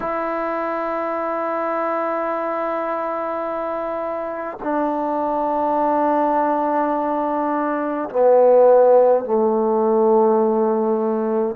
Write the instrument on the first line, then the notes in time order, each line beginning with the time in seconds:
trombone
0.00 E4
4.63 D4
8.09 B3
9.24 A3